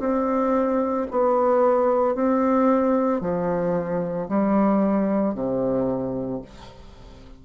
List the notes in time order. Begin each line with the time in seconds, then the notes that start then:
0.00 C4
1.11 B3
2.15 C4
3.21 F3
4.29 G3
5.35 C3